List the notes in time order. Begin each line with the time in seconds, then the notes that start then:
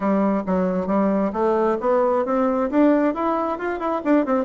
0.00 G3
0.46 F#3
0.86 G3
1.32 A3
1.80 B3
2.25 C4
2.70 D4
3.14 E4
3.58 F4
3.79 E4
4.04 D4
4.25 C4